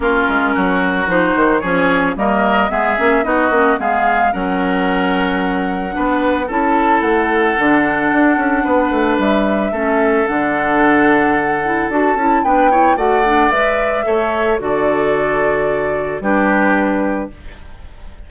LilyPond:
<<
  \new Staff \with { instrumentName = "flute" } { \time 4/4 \tempo 4 = 111 ais'2 c''4 cis''4 | dis''4 e''4 dis''4 f''4 | fis''1 | a''4 fis''2.~ |
fis''4 e''2 fis''4~ | fis''2 a''4 g''4 | fis''4 e''2 d''4~ | d''2 b'2 | }
  \new Staff \with { instrumentName = "oboe" } { \time 4/4 f'4 fis'2 gis'4 | ais'4 gis'4 fis'4 gis'4 | ais'2. b'4 | a'1 |
b'2 a'2~ | a'2. b'8 cis''8 | d''2 cis''4 a'4~ | a'2 g'2 | }
  \new Staff \with { instrumentName = "clarinet" } { \time 4/4 cis'2 dis'4 cis'4 | ais4 b8 cis'8 dis'8 cis'8 b4 | cis'2. d'4 | e'2 d'2~ |
d'2 cis'4 d'4~ | d'4. e'8 fis'8 e'8 d'8 e'8 | fis'8 d'8 b'4 a'4 fis'4~ | fis'2 d'2 | }
  \new Staff \with { instrumentName = "bassoon" } { \time 4/4 ais8 gis8 fis4 f8 dis8 f4 | g4 gis8 ais8 b8 ais8 gis4 | fis2. b4 | cis'4 a4 d4 d'8 cis'8 |
b8 a8 g4 a4 d4~ | d2 d'8 cis'8 b4 | a4 gis4 a4 d4~ | d2 g2 | }
>>